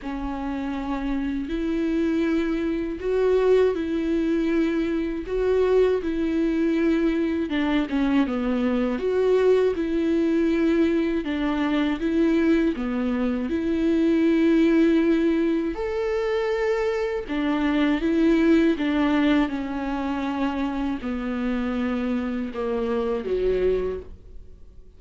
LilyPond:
\new Staff \with { instrumentName = "viola" } { \time 4/4 \tempo 4 = 80 cis'2 e'2 | fis'4 e'2 fis'4 | e'2 d'8 cis'8 b4 | fis'4 e'2 d'4 |
e'4 b4 e'2~ | e'4 a'2 d'4 | e'4 d'4 cis'2 | b2 ais4 fis4 | }